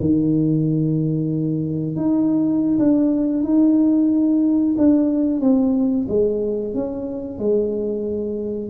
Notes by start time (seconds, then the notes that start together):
0.00 D#3
1.96 D#4
2.79 D4
3.44 D#4
4.77 D4
5.40 C4
6.08 G#3
6.74 C#4
7.38 G#3